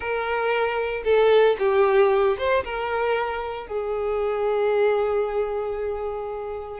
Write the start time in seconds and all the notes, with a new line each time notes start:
0.00 A#4
1.04 A4
1.58 G4
2.37 C5
2.64 A#4
3.67 G#4